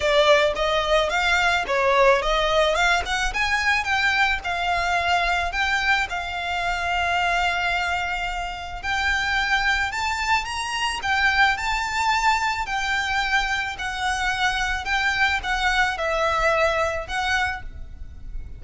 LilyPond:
\new Staff \with { instrumentName = "violin" } { \time 4/4 \tempo 4 = 109 d''4 dis''4 f''4 cis''4 | dis''4 f''8 fis''8 gis''4 g''4 | f''2 g''4 f''4~ | f''1 |
g''2 a''4 ais''4 | g''4 a''2 g''4~ | g''4 fis''2 g''4 | fis''4 e''2 fis''4 | }